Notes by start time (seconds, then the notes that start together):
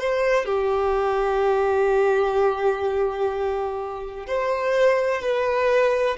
0.00 C5
0.46 G4
4.27 C5
5.22 B4